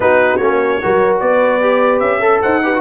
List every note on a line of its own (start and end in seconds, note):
0.00 0.38 B3
0.00 0.40 D#4
0.00 0.81 F#4
0.00 0.36 B4
0.36 0.80 A#3
0.36 0.81 C#4
0.36 1.17 C#5
0.81 1.21 F#3
0.81 1.61 F#4
0.81 1.22 A#4
1.20 2.00 B3
1.20 2.19 B4
1.20 1.99 D5
1.61 2.21 G4
1.99 2.40 C#4
1.99 2.39 E5
2.19 2.39 A4
2.19 2.61 A4
2.42 2.81 D#4
2.42 2.62 C5
2.42 2.81 F#5
2.63 2.73 G4
2.63 2.81 B4
2.74 2.81 F#4